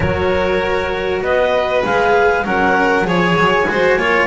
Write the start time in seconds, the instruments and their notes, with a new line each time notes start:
0.00 double bass F#3, cello F#4, violin A#4, clarinet C#5
1.21 double bass B3, violin B4, clarinet D#5
1.84 double bass G#3, cello G#4, clarinet F5
2.44 double bass F#3, cello C#4, violin A#4, clarinet F#5
3.03 double bass F3, cello G#4, violin C#5, clarinet G#5
3.36 double bass F#3
3.68 double bass G#3, cello F#4, violin C5
3.96 double bass A#3, cello F4, violin C#5